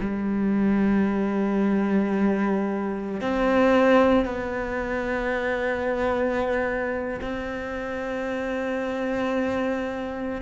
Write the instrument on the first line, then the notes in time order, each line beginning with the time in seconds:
cello
0.00 G3
3.21 C4
4.25 B3
7.21 C4